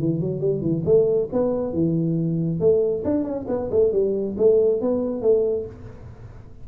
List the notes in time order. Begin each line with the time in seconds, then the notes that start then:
0.00 E3
0.21 F#3
0.41 G3
0.62 E3
0.86 A3
1.33 B3
1.74 E3
2.60 A3
3.05 D4
3.25 C#4
3.49 B3
3.71 A3
3.93 G3
4.38 A3
4.82 B3
5.22 A3